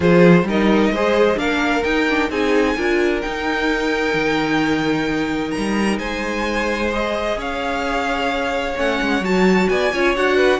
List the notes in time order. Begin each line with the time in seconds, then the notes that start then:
0.00 F3 F4 G#4 C5
0.43 G3 D#4 A#4
0.49 D#5
0.90 G#3 G#4 C5
1.36 A#3 D4 A#4 F5
1.83 D#4 G5
2.09 D4
2.30 C4 D#4 G#4 G#5
2.76 D4 F4 A#4
3.21 D#4 G5
4.14 D#3
5.50 A#5
5.57 G3
5.98 G#3 C5 G#5
6.90 G#4 D#5
7.36 C#4 C#5 F5
8.76 A3 C#4 F#5
9.01 G#3
9.21 F#3 F#4 A5
9.69 B3 D5 G#5
9.93 C#4 F4 C#5
10.15 D4 F#4 F#5
10.36 B4